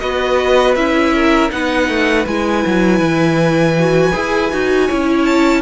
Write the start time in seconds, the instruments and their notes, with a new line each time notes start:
0.00 cello B3, viola F#4, violin B4 D#5
0.76 cello C#4, viola E4, violin E5
1.15 violin A#4
1.51 cello B3, viola D#4, violin B4 F#5
1.89 cello A3
2.27 cello G#3, viola E4, violin G#5
2.66 cello F#3
2.99 cello E3
3.79 viola F#4
4.13 cello E4, viola G#4
4.53 cello D#4, viola F#4
4.87 cello C#4, viola E4, violin C#5
5.25 violin A5